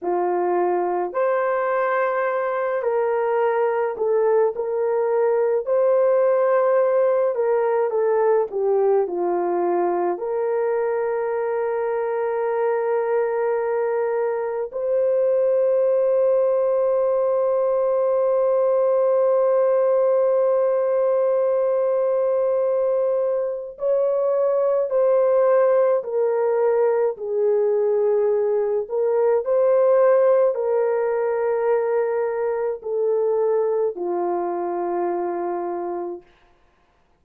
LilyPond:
\new Staff \with { instrumentName = "horn" } { \time 4/4 \tempo 4 = 53 f'4 c''4. ais'4 a'8 | ais'4 c''4. ais'8 a'8 g'8 | f'4 ais'2.~ | ais'4 c''2.~ |
c''1~ | c''4 cis''4 c''4 ais'4 | gis'4. ais'8 c''4 ais'4~ | ais'4 a'4 f'2 | }